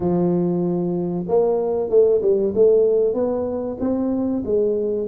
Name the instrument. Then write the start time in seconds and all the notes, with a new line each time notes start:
tuba
0.00 F3
1.27 A#3
1.89 A3
2.21 G3
2.54 A3
3.13 B3
3.80 C4
4.45 G#3